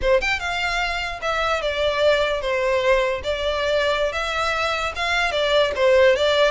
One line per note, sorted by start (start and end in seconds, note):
0.01 0.21 C5
0.21 0.39 G5
0.39 1.20 F5
1.21 1.61 E5
1.61 2.41 D5
2.41 3.21 C5
3.23 4.12 D5
4.12 4.92 E5
4.95 5.31 F5
5.31 5.72 D5
5.75 6.16 C5
6.16 6.51 D5